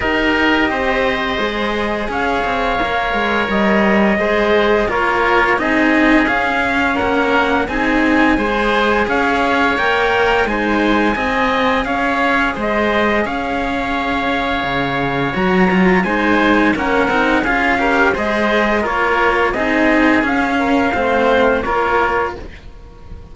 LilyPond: <<
  \new Staff \with { instrumentName = "trumpet" } { \time 4/4 \tempo 4 = 86 dis''2. f''4~ | f''4 dis''2 cis''4 | dis''4 f''4 fis''4 gis''4~ | gis''4 f''4 g''4 gis''4~ |
gis''4 f''4 dis''4 f''4~ | f''2 ais''4 gis''4 | fis''4 f''4 dis''4 cis''4 | dis''4 f''2 cis''4 | }
  \new Staff \with { instrumentName = "oboe" } { \time 4/4 ais'4 c''2 cis''4~ | cis''2 c''4 ais'4 | gis'2 ais'4 gis'4 | c''4 cis''2 c''4 |
dis''4 cis''4 c''4 cis''4~ | cis''2. c''4 | ais'4 gis'8 ais'8 c''4 ais'4 | gis'4. ais'8 c''4 ais'4 | }
  \new Staff \with { instrumentName = "cello" } { \time 4/4 g'2 gis'2 | ais'2 gis'4 f'4 | dis'4 cis'2 dis'4 | gis'2 ais'4 dis'4 |
gis'1~ | gis'2 fis'8 f'8 dis'4 | cis'8 dis'8 f'8 g'8 gis'4 f'4 | dis'4 cis'4 c'4 f'4 | }
  \new Staff \with { instrumentName = "cello" } { \time 4/4 dis'4 c'4 gis4 cis'8 c'8 | ais8 gis8 g4 gis4 ais4 | c'4 cis'4 ais4 c'4 | gis4 cis'4 ais4 gis4 |
c'4 cis'4 gis4 cis'4~ | cis'4 cis4 fis4 gis4 | ais8 c'8 cis'4 gis4 ais4 | c'4 cis'4 a4 ais4 | }
>>